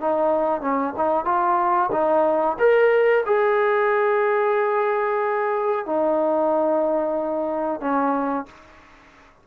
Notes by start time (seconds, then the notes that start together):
0.00 D#4
0.61 C#4
0.97 D#4
1.25 F4
1.92 D#4
2.59 A#4
3.26 G#4
5.85 D#4
7.81 C#4